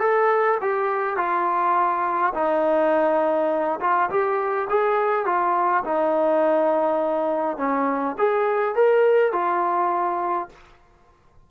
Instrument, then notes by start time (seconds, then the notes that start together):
trombone
0.00 A4
0.62 G4
1.17 F4
2.35 D#4
3.81 F4
4.10 G4
4.70 G#4
5.26 F4
5.85 D#4
7.58 C#4
8.18 G#4
8.76 A#4
9.33 F4